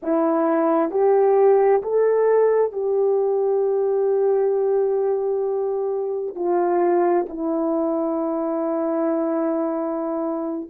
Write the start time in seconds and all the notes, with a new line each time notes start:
0.02 E4
0.90 G4
1.82 A4
2.72 G4
6.35 F4
7.29 E4